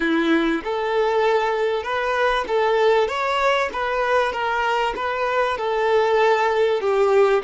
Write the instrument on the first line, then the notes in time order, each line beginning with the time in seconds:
violin
0.00 E4
0.64 A4
1.82 B4
2.47 A4
3.08 C#5
3.73 B4
4.32 A#4
4.96 B4
5.57 A4
6.80 G4